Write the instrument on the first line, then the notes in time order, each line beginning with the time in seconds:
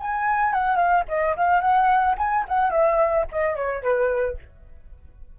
flute
0.00 G#5
0.53 F#5
0.76 F5
1.09 D#5
1.36 F5
1.61 F#5
2.18 G#5
2.48 F#5
2.71 E5
3.32 D#5
3.56 C#5
3.83 B4